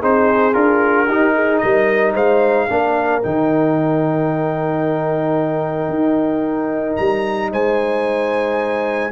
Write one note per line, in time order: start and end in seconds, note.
0.00 0.55 C4
0.00 0.54 D#4
0.00 1.07 G#4
0.00 0.54 C5
0.54 1.09 D4
0.54 1.07 F4
0.54 1.58 A#4
1.07 1.62 D#4
1.07 2.69 D#4
1.07 1.34 G4
1.35 1.62 G#4
1.58 2.15 G3
1.58 2.14 A#4
1.58 2.12 D#5
2.14 2.69 G#3
2.14 2.67 C5
2.14 3.23 F5
2.69 3.24 A#3
2.69 3.23 D4
2.69 7.52 A#4
3.23 5.89 D#3
3.23 9.12 D#4
3.23 6.97 G5
5.89 6.97 D#4
6.97 7.53 G3
6.97 7.50 A#5
7.52 9.12 G#3
7.52 9.12 C5
7.52 9.12 G#5